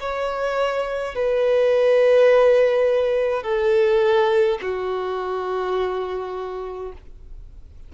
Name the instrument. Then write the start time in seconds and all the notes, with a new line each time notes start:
violin
0.00 C#5
1.14 B4
3.42 A4
4.62 F#4